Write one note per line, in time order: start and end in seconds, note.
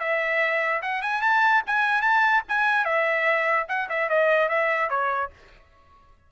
0.00 0.82 E5
0.82 1.02 F#5
1.02 1.22 G#5
1.22 1.63 A5
1.67 2.02 G#5
2.02 2.42 A5
2.49 2.85 G#5
2.85 3.66 E5
3.69 3.89 F#5
3.89 4.10 E5
4.10 4.49 D#5
4.49 4.90 E5
4.90 5.31 C#5